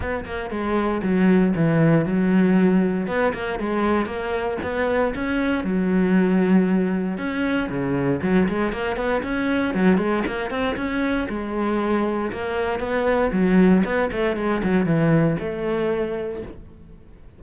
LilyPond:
\new Staff \with { instrumentName = "cello" } { \time 4/4 \tempo 4 = 117 b8 ais8 gis4 fis4 e4 | fis2 b8 ais8 gis4 | ais4 b4 cis'4 fis4~ | fis2 cis'4 cis4 |
fis8 gis8 ais8 b8 cis'4 fis8 gis8 | ais8 c'8 cis'4 gis2 | ais4 b4 fis4 b8 a8 | gis8 fis8 e4 a2 | }